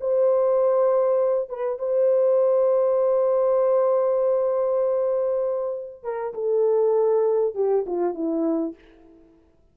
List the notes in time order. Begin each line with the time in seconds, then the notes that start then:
0.00 C5
1.49 B4
1.79 C5
6.03 A#4
6.34 A4
7.55 G4
7.86 F4
8.14 E4